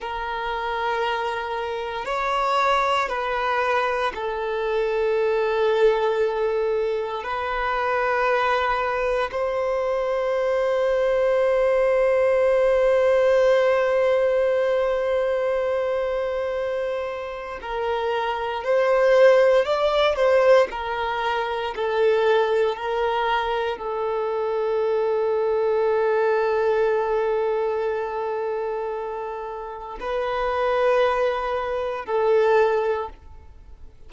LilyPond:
\new Staff \with { instrumentName = "violin" } { \time 4/4 \tempo 4 = 58 ais'2 cis''4 b'4 | a'2. b'4~ | b'4 c''2.~ | c''1~ |
c''4 ais'4 c''4 d''8 c''8 | ais'4 a'4 ais'4 a'4~ | a'1~ | a'4 b'2 a'4 | }